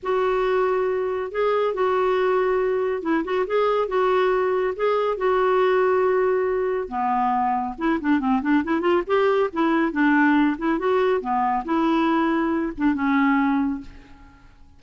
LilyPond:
\new Staff \with { instrumentName = "clarinet" } { \time 4/4 \tempo 4 = 139 fis'2. gis'4 | fis'2. e'8 fis'8 | gis'4 fis'2 gis'4 | fis'1 |
b2 e'8 d'8 c'8 d'8 | e'8 f'8 g'4 e'4 d'4~ | d'8 e'8 fis'4 b4 e'4~ | e'4. d'8 cis'2 | }